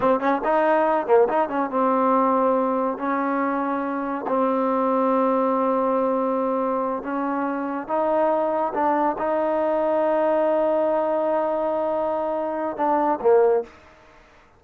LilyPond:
\new Staff \with { instrumentName = "trombone" } { \time 4/4 \tempo 4 = 141 c'8 cis'8 dis'4. ais8 dis'8 cis'8 | c'2. cis'4~ | cis'2 c'2~ | c'1~ |
c'8 cis'2 dis'4.~ | dis'8 d'4 dis'2~ dis'8~ | dis'1~ | dis'2 d'4 ais4 | }